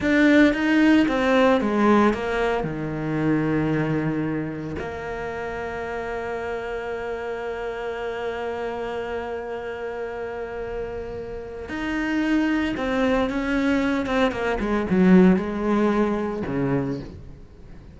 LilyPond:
\new Staff \with { instrumentName = "cello" } { \time 4/4 \tempo 4 = 113 d'4 dis'4 c'4 gis4 | ais4 dis2.~ | dis4 ais2.~ | ais1~ |
ais1~ | ais2 dis'2 | c'4 cis'4. c'8 ais8 gis8 | fis4 gis2 cis4 | }